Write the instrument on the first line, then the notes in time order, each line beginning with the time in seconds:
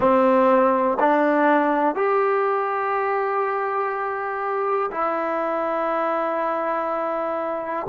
trombone
0.00 C4
0.99 D4
1.95 G4
4.91 E4